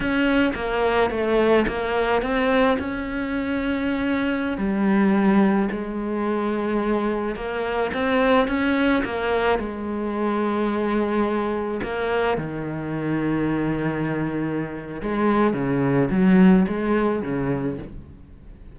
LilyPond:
\new Staff \with { instrumentName = "cello" } { \time 4/4 \tempo 4 = 108 cis'4 ais4 a4 ais4 | c'4 cis'2.~ | cis'16 g2 gis4.~ gis16~ | gis4~ gis16 ais4 c'4 cis'8.~ |
cis'16 ais4 gis2~ gis8.~ | gis4~ gis16 ais4 dis4.~ dis16~ | dis2. gis4 | cis4 fis4 gis4 cis4 | }